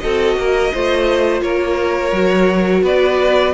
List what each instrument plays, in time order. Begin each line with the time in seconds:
0.00 cello C4, viola F#4, violin A4 D#5
0.37 cello A#3, violin A#4
0.73 cello A3, viola F4, violin C5
1.42 cello A#3, violin A#4 C#5
2.12 cello F#3, viola F#4
2.83 cello B3, violin B4 D5